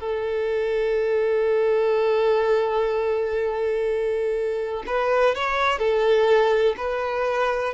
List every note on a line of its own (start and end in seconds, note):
0.00 4.84 A4
4.87 5.35 B4
5.35 5.78 C#5
5.78 6.75 A4
6.77 7.73 B4